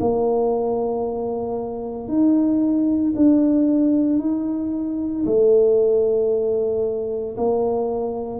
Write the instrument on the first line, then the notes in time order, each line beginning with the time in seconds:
tuba
0.00 A#3
2.08 D#4
3.16 D4
4.20 D#4
5.25 A3
7.37 A#3